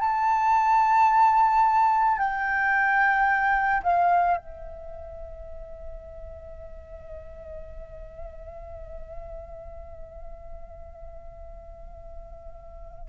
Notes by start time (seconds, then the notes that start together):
0.00 A5
2.18 G5
3.83 F5
4.37 E5